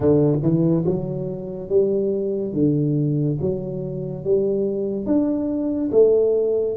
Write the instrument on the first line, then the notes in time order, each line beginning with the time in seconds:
tuba
0.00 D3
0.42 E3
0.85 F#3
1.69 G3
2.53 D3
3.40 F#3
4.24 G3
5.06 D4
5.92 A3